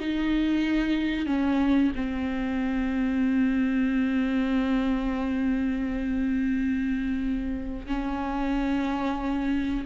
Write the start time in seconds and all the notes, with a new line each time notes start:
0.00 D#4
1.26 C#4
1.95 C4
7.87 C#4